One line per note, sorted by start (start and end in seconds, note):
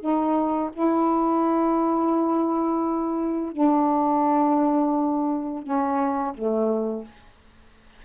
0.00 0.71 D#4
0.73 3.52 E4
3.52 5.63 D4
5.63 6.33 C#4
6.34 7.05 A3